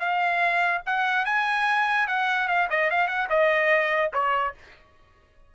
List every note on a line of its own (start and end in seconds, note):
0.00 0.82 F5
0.86 1.26 F#5
1.26 2.08 G#5
2.08 2.48 F#5
2.48 2.69 F5
2.70 2.91 D#5
2.91 3.08 F5
3.08 3.29 F#5
3.30 4.12 D#5
4.14 4.55 C#5